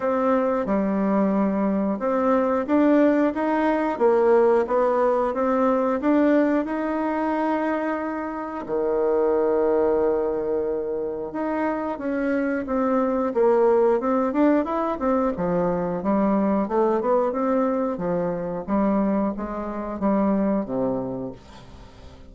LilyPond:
\new Staff \with { instrumentName = "bassoon" } { \time 4/4 \tempo 4 = 90 c'4 g2 c'4 | d'4 dis'4 ais4 b4 | c'4 d'4 dis'2~ | dis'4 dis2.~ |
dis4 dis'4 cis'4 c'4 | ais4 c'8 d'8 e'8 c'8 f4 | g4 a8 b8 c'4 f4 | g4 gis4 g4 c4 | }